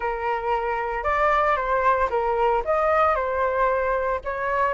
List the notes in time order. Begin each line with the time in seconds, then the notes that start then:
0.00 A#4
1.03 D5
1.56 C5
2.10 A#4
2.65 D#5
3.15 C5
4.24 C#5